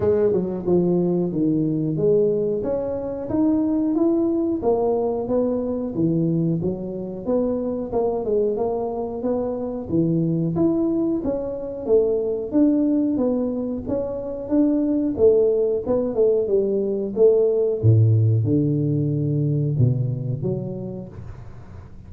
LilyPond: \new Staff \with { instrumentName = "tuba" } { \time 4/4 \tempo 4 = 91 gis8 fis8 f4 dis4 gis4 | cis'4 dis'4 e'4 ais4 | b4 e4 fis4 b4 | ais8 gis8 ais4 b4 e4 |
e'4 cis'4 a4 d'4 | b4 cis'4 d'4 a4 | b8 a8 g4 a4 a,4 | d2 b,4 fis4 | }